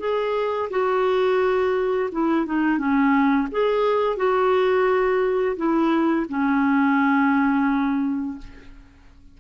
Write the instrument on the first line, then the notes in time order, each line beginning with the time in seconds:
clarinet
0.00 G#4
0.71 F#4
2.12 E4
2.46 D#4
2.78 C#4
3.52 G#4
4.17 F#4
5.57 E4
6.29 C#4